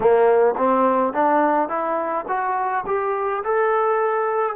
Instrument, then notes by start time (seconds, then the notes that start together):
trombone
0.00 A#3
0.57 C4
1.13 D4
1.68 E4
2.27 F#4
2.86 G4
3.44 A4